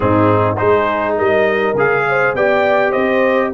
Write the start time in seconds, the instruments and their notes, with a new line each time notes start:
0.00 tuba G#2, trombone C4, horn D#4, trumpet G#4
0.57 tuba G#3, trombone D#4, horn G#4, trumpet C5
1.17 tuba G3, horn A#4, trumpet D#5
1.74 tuba C#3, trombone G#4, trumpet F5
2.09 horn C5
2.34 tuba B3, trombone G4, horn D5, trumpet G5
2.90 tuba C4, horn C5, trumpet D#5